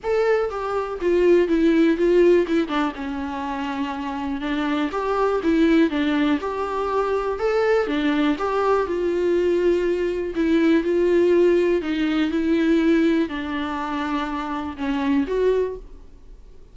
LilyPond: \new Staff \with { instrumentName = "viola" } { \time 4/4 \tempo 4 = 122 a'4 g'4 f'4 e'4 | f'4 e'8 d'8 cis'2~ | cis'4 d'4 g'4 e'4 | d'4 g'2 a'4 |
d'4 g'4 f'2~ | f'4 e'4 f'2 | dis'4 e'2 d'4~ | d'2 cis'4 fis'4 | }